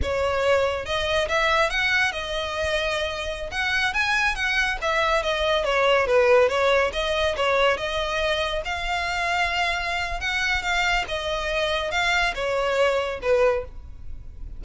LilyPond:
\new Staff \with { instrumentName = "violin" } { \time 4/4 \tempo 4 = 141 cis''2 dis''4 e''4 | fis''4 dis''2.~ | dis''16 fis''4 gis''4 fis''4 e''8.~ | e''16 dis''4 cis''4 b'4 cis''8.~ |
cis''16 dis''4 cis''4 dis''4.~ dis''16~ | dis''16 f''2.~ f''8. | fis''4 f''4 dis''2 | f''4 cis''2 b'4 | }